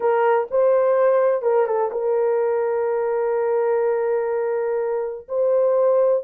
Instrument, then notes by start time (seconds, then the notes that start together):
horn
0.00 A#4
0.50 C5
1.42 A#4
1.66 A4
1.91 A#4
5.28 C5